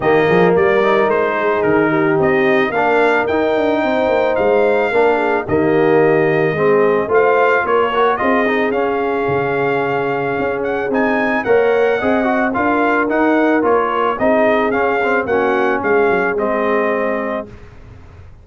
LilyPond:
<<
  \new Staff \with { instrumentName = "trumpet" } { \time 4/4 \tempo 4 = 110 dis''4 d''4 c''4 ais'4 | dis''4 f''4 g''2 | f''2 dis''2~ | dis''4 f''4 cis''4 dis''4 |
f''2.~ f''8 fis''8 | gis''4 fis''2 f''4 | fis''4 cis''4 dis''4 f''4 | fis''4 f''4 dis''2 | }
  \new Staff \with { instrumentName = "horn" } { \time 4/4 g'8 gis'8 ais'4. gis'4 g'8~ | g'4 ais'2 c''4~ | c''4 ais'8 gis'8 g'2 | gis'4 c''4 ais'4 gis'4~ |
gis'1~ | gis'4 cis''4 dis''4 ais'4~ | ais'2 gis'2 | fis'4 gis'2. | }
  \new Staff \with { instrumentName = "trombone" } { \time 4/4 ais4. dis'2~ dis'8~ | dis'4 d'4 dis'2~ | dis'4 d'4 ais2 | c'4 f'4. fis'8 f'8 dis'8 |
cis'1 | dis'4 ais'4 gis'8 fis'8 f'4 | dis'4 f'4 dis'4 cis'8 c'8 | cis'2 c'2 | }
  \new Staff \with { instrumentName = "tuba" } { \time 4/4 dis8 f8 g4 gis4 dis4 | c'4 ais4 dis'8 d'8 c'8 ais8 | gis4 ais4 dis2 | gis4 a4 ais4 c'4 |
cis'4 cis2 cis'4 | c'4 ais4 c'4 d'4 | dis'4 ais4 c'4 cis'4 | ais4 gis8 fis8 gis2 | }
>>